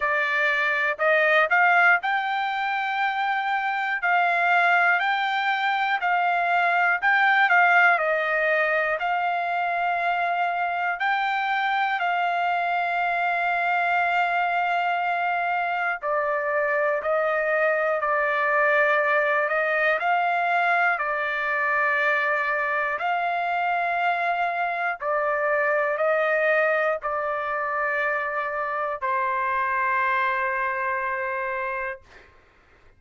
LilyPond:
\new Staff \with { instrumentName = "trumpet" } { \time 4/4 \tempo 4 = 60 d''4 dis''8 f''8 g''2 | f''4 g''4 f''4 g''8 f''8 | dis''4 f''2 g''4 | f''1 |
d''4 dis''4 d''4. dis''8 | f''4 d''2 f''4~ | f''4 d''4 dis''4 d''4~ | d''4 c''2. | }